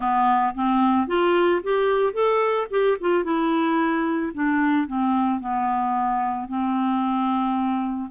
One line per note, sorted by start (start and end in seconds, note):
0.00 0.54 B3
0.54 1.07 C4
1.07 1.61 F4
1.63 2.13 G4
2.13 2.67 A4
2.70 2.97 G4
3.00 3.24 F4
3.24 4.32 E4
4.33 4.87 D4
4.87 5.40 C4
5.40 6.47 B3
6.47 8.10 C4